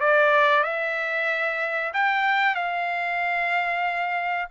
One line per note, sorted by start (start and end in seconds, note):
0.00 0.63 D5
0.63 1.92 E5
1.93 2.55 G5
2.55 4.48 F5